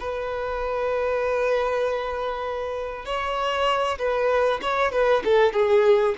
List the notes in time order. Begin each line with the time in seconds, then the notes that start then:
0.00 B4
3.06 C#5
3.99 B4
4.62 C#5
4.92 B4
5.25 A4
5.53 G#4